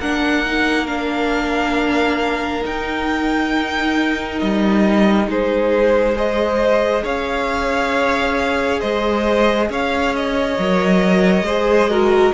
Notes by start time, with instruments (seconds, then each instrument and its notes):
0.00 cello A#3, viola D4, violin A#4 F#5
0.46 viola D#4
0.86 viola D4, violin F5
2.62 viola D#4, cello D#4, violin G5
4.39 cello G3, violin D#5
5.27 cello G#3, violin G#4 C5
6.15 viola G#4, violin C5 D#5
7.04 cello C#4, violin C#5 F5
8.80 cello G#3, violin C5 D#5
9.70 cello C#4, violin C#5 F5
10.15 violin D#5
10.58 cello F#3, viola A#4
11.42 cello G#3, viola G#4, violin C5
11.90 viola F#4, violin A#4